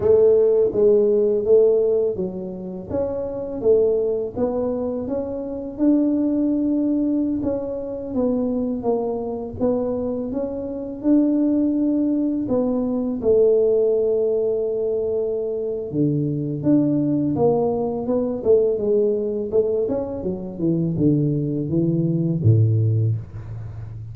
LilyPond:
\new Staff \with { instrumentName = "tuba" } { \time 4/4 \tempo 4 = 83 a4 gis4 a4 fis4 | cis'4 a4 b4 cis'4 | d'2~ d'16 cis'4 b8.~ | b16 ais4 b4 cis'4 d'8.~ |
d'4~ d'16 b4 a4.~ a16~ | a2 d4 d'4 | ais4 b8 a8 gis4 a8 cis'8 | fis8 e8 d4 e4 a,4 | }